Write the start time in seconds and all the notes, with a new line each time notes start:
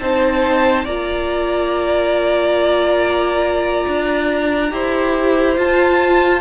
0.00 C4 D#4 C5 A5
0.85 A#3 F4 D5 A#5
3.88 D4
4.71 E4 G4 C5
5.57 F4 A5